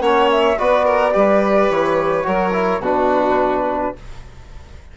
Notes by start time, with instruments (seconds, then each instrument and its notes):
0.00 bassoon A#3, trombone C#4, violin C#5, flute F#5
0.30 flute E5
0.58 bassoon B3, trombone F#4, violin B4, flute D5
0.85 violin A#4
1.12 bassoon G3, trombone G4, violin B4
1.69 bassoon E3, flute C#5
2.23 bassoon F#3, trombone F#4, violin A#4
2.53 trombone E4
2.79 bassoon B2, trombone D4, violin F#4, flute B4